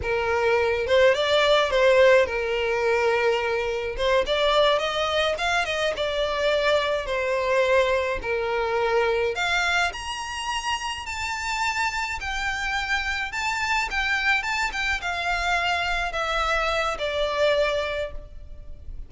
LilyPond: \new Staff \with { instrumentName = "violin" } { \time 4/4 \tempo 4 = 106 ais'4. c''8 d''4 c''4 | ais'2. c''8 d''8~ | d''8 dis''4 f''8 dis''8 d''4.~ | d''8 c''2 ais'4.~ |
ais'8 f''4 ais''2 a''8~ | a''4. g''2 a''8~ | a''8 g''4 a''8 g''8 f''4.~ | f''8 e''4. d''2 | }